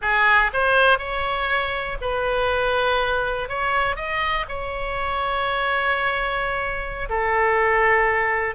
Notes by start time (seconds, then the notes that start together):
0.01 G#4
0.53 C5
0.98 C#5
2.01 B4
3.48 C#5
3.96 D#5
4.48 C#5
7.09 A4